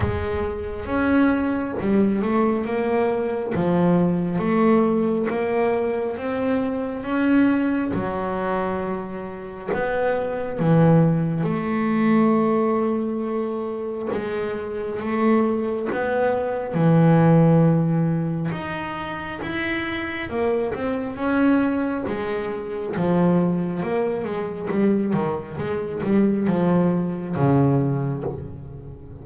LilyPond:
\new Staff \with { instrumentName = "double bass" } { \time 4/4 \tempo 4 = 68 gis4 cis'4 g8 a8 ais4 | f4 a4 ais4 c'4 | cis'4 fis2 b4 | e4 a2. |
gis4 a4 b4 e4~ | e4 dis'4 e'4 ais8 c'8 | cis'4 gis4 f4 ais8 gis8 | g8 dis8 gis8 g8 f4 cis4 | }